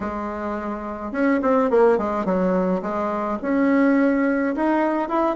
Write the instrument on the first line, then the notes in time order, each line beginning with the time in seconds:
bassoon
0.00 G#3
1.12 C#4
1.42 C4
1.70 A#3
1.98 G#3
2.25 F#3
2.81 G#3
3.41 C#4
4.55 D#4
5.08 E4